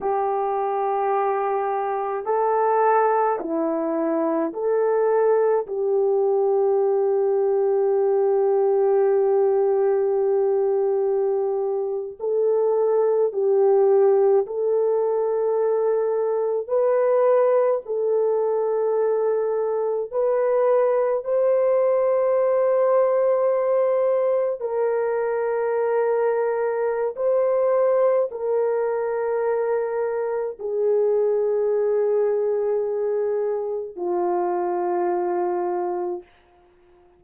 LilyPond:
\new Staff \with { instrumentName = "horn" } { \time 4/4 \tempo 4 = 53 g'2 a'4 e'4 | a'4 g'2.~ | g'2~ g'8. a'4 g'16~ | g'8. a'2 b'4 a'16~ |
a'4.~ a'16 b'4 c''4~ c''16~ | c''4.~ c''16 ais'2~ ais'16 | c''4 ais'2 gis'4~ | gis'2 f'2 | }